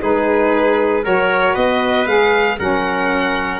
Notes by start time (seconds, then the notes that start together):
0.00 G#3 D#4 G#4 B4
1.03 F#3 F#4 A#4 C#5
1.53 B3 B4 D#5
2.06 G#3 G#4 F5
2.58 F#3 C#4 A#4 F#5